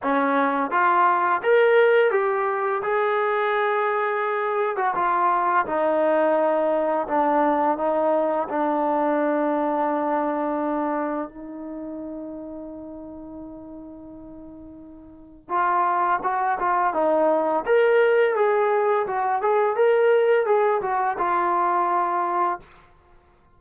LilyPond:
\new Staff \with { instrumentName = "trombone" } { \time 4/4 \tempo 4 = 85 cis'4 f'4 ais'4 g'4 | gis'2~ gis'8. fis'16 f'4 | dis'2 d'4 dis'4 | d'1 |
dis'1~ | dis'2 f'4 fis'8 f'8 | dis'4 ais'4 gis'4 fis'8 gis'8 | ais'4 gis'8 fis'8 f'2 | }